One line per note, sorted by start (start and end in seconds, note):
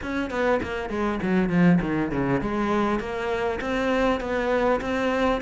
0.02 0.30 C#4
0.30 0.60 B3
0.62 0.89 A#3
0.89 1.19 G#3
1.22 1.49 F#3
1.49 1.79 F3
1.81 2.11 D#3
2.11 2.41 C#3
2.41 2.99 G#3
2.99 3.59 A#3
3.61 4.20 C4
4.20 4.80 B3
4.81 5.41 C4